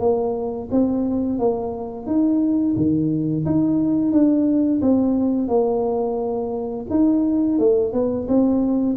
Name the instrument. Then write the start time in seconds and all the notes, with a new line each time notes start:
tuba
0.00 A#3
0.71 C4
1.39 A#3
2.07 D#4
2.76 D#3
3.46 D#4
4.12 D4
4.82 C4
5.48 A#3
6.90 D#4
7.59 A3
7.93 B3
8.28 C4